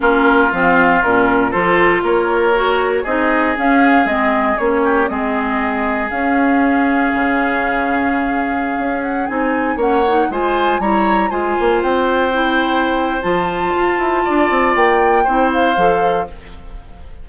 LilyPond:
<<
  \new Staff \with { instrumentName = "flute" } { \time 4/4 \tempo 4 = 118 ais'4 f''4 ais'4 c''4 | cis''2 dis''4 f''4 | dis''4 cis''4 dis''2 | f''1~ |
f''4.~ f''16 fis''8 gis''4 fis''8.~ | fis''16 gis''4 ais''4 gis''4 g''8.~ | g''2 a''2~ | a''4 g''4. f''4. | }
  \new Staff \with { instrumentName = "oboe" } { \time 4/4 f'2. a'4 | ais'2 gis'2~ | gis'4. g'8 gis'2~ | gis'1~ |
gis'2.~ gis'16 cis''8.~ | cis''16 c''4 cis''4 c''4.~ c''16~ | c''1 | d''2 c''2 | }
  \new Staff \with { instrumentName = "clarinet" } { \time 4/4 cis'4 c'4 cis'4 f'4~ | f'4 fis'4 dis'4 cis'4 | c'4 cis'4 c'2 | cis'1~ |
cis'2~ cis'16 dis'4 cis'8 dis'16~ | dis'16 f'4 e'4 f'4.~ f'16~ | f'16 e'4.~ e'16 f'2~ | f'2 e'4 a'4 | }
  \new Staff \with { instrumentName = "bassoon" } { \time 4/4 ais4 f4 ais,4 f4 | ais2 c'4 cis'4 | gis4 ais4 gis2 | cis'2 cis2~ |
cis4~ cis16 cis'4 c'4 ais8.~ | ais16 gis4 g4 gis8 ais8 c'8.~ | c'2 f4 f'8 e'8 | d'8 c'8 ais4 c'4 f4 | }
>>